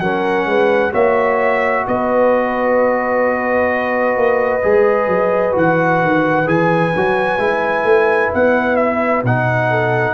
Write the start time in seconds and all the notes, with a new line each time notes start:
0.00 F#3 C#4 A#4 F#5
0.46 G#3 B4
0.92 A#3 F#4 C#5 E5
1.87 B3 B4 D#5
4.17 A#3
4.63 G#3 G#4
5.07 F#3
5.52 E3 F#4 F#5
6.02 D#3
6.46 E3 G#4 G#5
6.96 F#3 F#4
7.38 G#3 E4
7.84 A3
8.34 B3 F#5
8.76 E5
9.24 B2 D#4 F#5
9.70 A4